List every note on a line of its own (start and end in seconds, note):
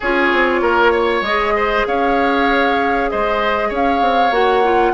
0.00 0.32 C#4
0.00 1.26 F4
0.00 0.61 G#4
0.00 1.24 C#5
0.32 0.61 C4
0.61 1.21 A#3
0.61 0.92 A#4
0.92 1.54 C#5
1.21 1.83 G#3
1.21 4.32 G#4
1.21 1.86 D#5
1.55 1.86 C5
1.86 3.11 C#4
1.86 3.11 C#5
1.86 3.10 F5
3.10 3.70 G#3
3.10 3.68 C5
3.10 3.72 D#5
3.68 4.01 C#4
3.68 4.92 C#5
3.75 4.33 F5
4.01 4.30 C4
4.30 4.92 A#3
4.30 4.63 F#4
4.30 4.93 F#5
4.63 4.93 F4